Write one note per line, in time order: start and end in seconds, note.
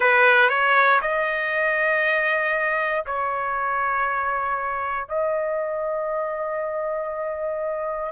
0.00 0.49 B4
0.49 1.00 C#5
1.01 3.05 D#5
3.06 5.08 C#5
5.08 8.11 D#5